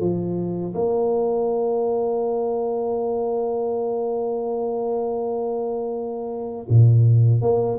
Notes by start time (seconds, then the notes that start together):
0.00 F3
0.74 A#3
6.69 A#2
7.41 A#3